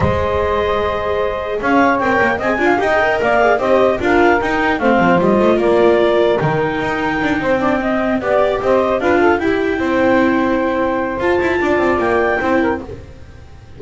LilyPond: <<
  \new Staff \with { instrumentName = "clarinet" } { \time 4/4 \tempo 4 = 150 dis''1 | f''4 g''4 gis''4 g''4 | f''4 dis''4 f''4 g''4 | f''4 dis''4 d''2 |
g''1~ | g''8 d''4 dis''4 f''4 g''8~ | g''1 | a''2 g''2 | }
  \new Staff \with { instrumentName = "saxophone" } { \time 4/4 c''1 | cis''2 dis''8 f''8 dis''4 | d''4 c''4 ais'2 | c''2 ais'2~ |
ais'2~ ais'8 c''8 d''8 dis''8~ | dis''8 d''4 c''4 b'8 a'8 g'8~ | g'8 c''2.~ c''8~ | c''4 d''2 c''8 ais'8 | }
  \new Staff \with { instrumentName = "viola" } { \time 4/4 gis'1~ | gis'4 ais'4 gis'8 f'8 g'16 gis'16 ais'8~ | ais'8 gis'8 g'4 f'4 dis'4 | c'4 f'2. |
dis'2. d'8 c'8~ | c'8 g'2 f'4 e'8~ | e'1 | f'2. e'4 | }
  \new Staff \with { instrumentName = "double bass" } { \time 4/4 gis1 | cis'4 c'8 ais8 c'8 d'8 dis'4 | ais4 c'4 d'4 dis'4 | a8 f8 g8 a8 ais2 |
dis4 dis'4 d'8 c'4.~ | c'8 b4 c'4 d'4 e'8~ | e'8 c'2.~ c'8 | f'8 e'8 d'8 c'8 ais4 c'4 | }
>>